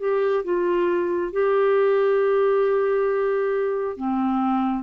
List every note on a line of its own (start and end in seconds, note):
0.00 0.44 G4
0.45 1.33 F4
1.33 3.97 G4
3.97 4.84 C4